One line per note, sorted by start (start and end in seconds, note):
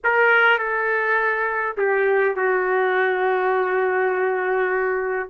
0.03 0.58 A#4
0.58 1.76 A4
1.77 2.35 G4
2.35 5.29 F#4